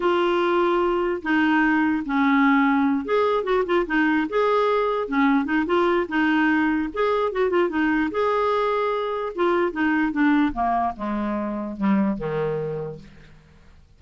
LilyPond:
\new Staff \with { instrumentName = "clarinet" } { \time 4/4 \tempo 4 = 148 f'2. dis'4~ | dis'4 cis'2~ cis'8 gis'8~ | gis'8 fis'8 f'8 dis'4 gis'4.~ | gis'8 cis'4 dis'8 f'4 dis'4~ |
dis'4 gis'4 fis'8 f'8 dis'4 | gis'2. f'4 | dis'4 d'4 ais4 gis4~ | gis4 g4 dis2 | }